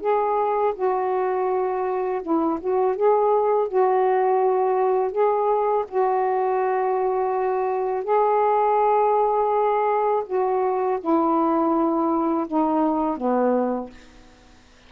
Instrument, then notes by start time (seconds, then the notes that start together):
saxophone
0.00 G#4
0.75 F#4
2.22 E4
2.60 F#4
2.96 G#4
3.68 F#4
5.11 G#4
5.88 F#4
8.04 G#4
10.26 F#4
11.00 E4
12.47 D#4
13.17 B3